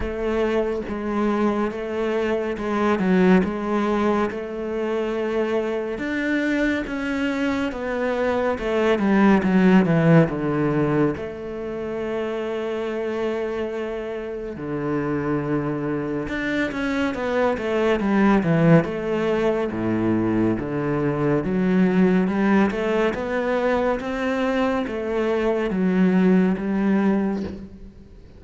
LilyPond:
\new Staff \with { instrumentName = "cello" } { \time 4/4 \tempo 4 = 70 a4 gis4 a4 gis8 fis8 | gis4 a2 d'4 | cis'4 b4 a8 g8 fis8 e8 | d4 a2.~ |
a4 d2 d'8 cis'8 | b8 a8 g8 e8 a4 a,4 | d4 fis4 g8 a8 b4 | c'4 a4 fis4 g4 | }